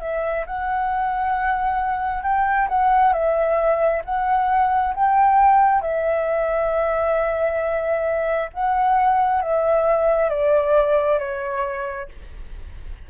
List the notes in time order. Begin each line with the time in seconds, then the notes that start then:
0.00 E5
0.46 F#5
2.23 G5
2.69 F#5
3.13 E5
4.05 F#5
4.95 G5
5.81 E5
8.53 F#5
9.41 E5
10.29 D5
11.19 C#5